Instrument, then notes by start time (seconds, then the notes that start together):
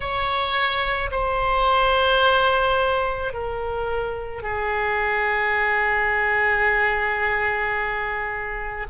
oboe
0.00 C#5
1.11 C5
3.33 A#4
4.42 G#4